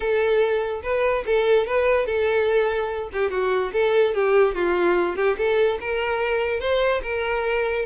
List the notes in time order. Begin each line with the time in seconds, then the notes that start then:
0.00 A4
0.83 B4
1.25 A4
1.66 B4
2.06 A4
3.12 G4
3.30 F#4
3.72 A4
4.14 G4
4.55 F4
5.16 G4
5.37 A4
5.80 A#4
6.60 C5
7.03 A#4